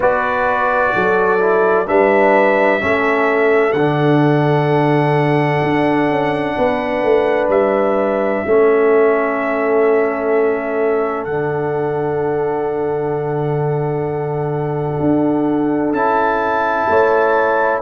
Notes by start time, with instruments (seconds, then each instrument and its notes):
0.00 tuba B3, trombone F#4, horn B4, trumpet D5
0.94 tuba F#3, horn A4
1.39 trombone E4
1.86 tuba G3, trombone D4, horn B4, trumpet E5
2.79 tuba A3, trombone C#4, horn A4
3.72 tuba D3, trombone D4, trumpet F#5
5.62 tuba D4
6.09 tuba C#4
6.57 tuba B3, horn B4
7.03 tuba A3
7.48 tuba G3, trumpet E5
8.46 tuba A3, trombone C#4, horn A4
11.24 tuba D3, trombone D4, trumpet F#5
14.99 tuba D4
15.92 tuba C#4, trombone E4, trumpet A5
16.88 tuba A3, horn C#5